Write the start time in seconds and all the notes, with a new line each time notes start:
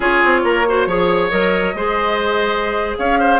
0.00 C#4 F4 G#4 C#5
0.24 C4
0.44 A#3 A#4
0.67 F#4 C5
0.86 F3 G#4 C#5
1.30 F#3 A#4 D#5
1.74 G#3 G#4 C5
2.98 C#4 C#5 F5
3.19 C5